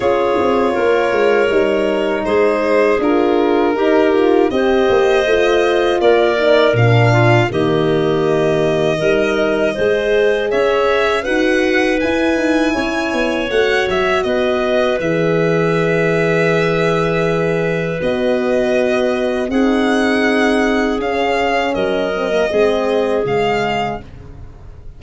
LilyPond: <<
  \new Staff \with { instrumentName = "violin" } { \time 4/4 \tempo 4 = 80 cis''2. c''4 | ais'2 dis''2 | d''4 f''4 dis''2~ | dis''2 e''4 fis''4 |
gis''2 fis''8 e''8 dis''4 | e''1 | dis''2 fis''2 | f''4 dis''2 f''4 | }
  \new Staff \with { instrumentName = "clarinet" } { \time 4/4 gis'4 ais'2 gis'4~ | gis'4 g'4 c''2 | ais'4. f'8 g'2 | ais'4 c''4 cis''4 b'4~ |
b'4 cis''2 b'4~ | b'1~ | b'2 gis'2~ | gis'4 ais'4 gis'2 | }
  \new Staff \with { instrumentName = "horn" } { \time 4/4 f'2 dis'2 | f'4 dis'8 f'8 g'4 f'4~ | f'8 dis'8 d'4 ais2 | dis'4 gis'2 fis'4 |
e'2 fis'2 | gis'1 | fis'2 dis'2 | cis'4. c'16 ais16 c'4 gis4 | }
  \new Staff \with { instrumentName = "tuba" } { \time 4/4 cis'8 c'8 ais8 gis8 g4 gis4 | d'4 dis'4 c'8 ais8 a4 | ais4 ais,4 dis2 | g4 gis4 cis'4 dis'4 |
e'8 dis'8 cis'8 b8 a8 fis8 b4 | e1 | b2 c'2 | cis'4 fis4 gis4 cis4 | }
>>